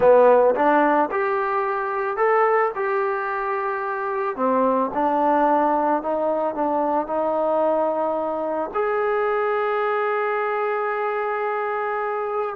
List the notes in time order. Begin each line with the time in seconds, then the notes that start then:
0.00 B3
0.55 D4
1.11 G4
2.17 A4
2.75 G4
4.36 C4
4.93 D4
6.02 D#4
6.55 D4
7.06 D#4
8.74 G#4